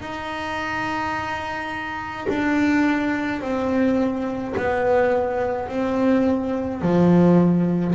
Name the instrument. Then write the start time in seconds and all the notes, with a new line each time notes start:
double bass
0.00 D#4
2.28 D4
3.41 C4
4.56 B3
5.68 C4
6.81 F3